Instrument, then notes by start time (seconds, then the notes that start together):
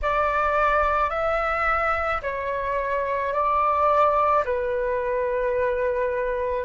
flute
0.02 D5
1.10 E5
2.22 C#5
3.33 D5
4.44 B4